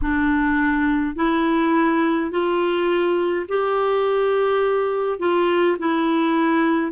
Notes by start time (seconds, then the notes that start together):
0.01 D4
1.15 E4
2.30 F4
3.48 G4
5.19 F4
5.78 E4